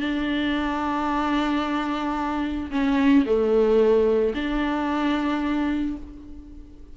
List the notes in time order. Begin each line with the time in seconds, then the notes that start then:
0.00 D4
2.71 C#4
3.25 A3
4.34 D4